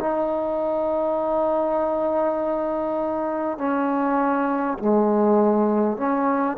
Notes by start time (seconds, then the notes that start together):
0.00 D#4
3.58 C#4
4.79 G#3
5.97 C#4